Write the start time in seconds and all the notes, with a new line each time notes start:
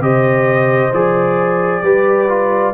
0.00 C3 G4 C5 D#5
0.93 F3 G#4 D5
1.82 G3 G4 B4
2.29 F4